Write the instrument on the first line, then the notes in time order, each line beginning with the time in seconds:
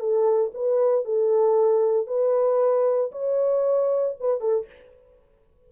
horn
0.00 A4
0.55 B4
1.06 A4
2.08 B4
3.12 C#5
4.20 B4
4.41 A4